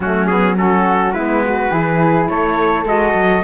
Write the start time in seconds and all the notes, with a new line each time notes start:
0.00 F#3 A3 C#4 F#4
0.26 B3 G#4
0.56 C#4 F#4 A4
1.12 G#3 B3 E4 B4
1.45 F#4
1.70 E3 E4 G#4
2.28 A3 A4 C#5
2.85 G#3 F#4 D#5
3.13 F#3